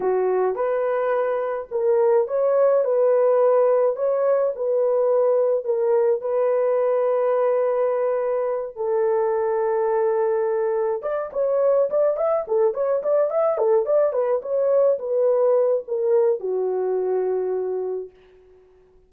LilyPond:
\new Staff \with { instrumentName = "horn" } { \time 4/4 \tempo 4 = 106 fis'4 b'2 ais'4 | cis''4 b'2 cis''4 | b'2 ais'4 b'4~ | b'2.~ b'8 a'8~ |
a'2.~ a'8 d''8 | cis''4 d''8 e''8 a'8 cis''8 d''8 e''8 | a'8 d''8 b'8 cis''4 b'4. | ais'4 fis'2. | }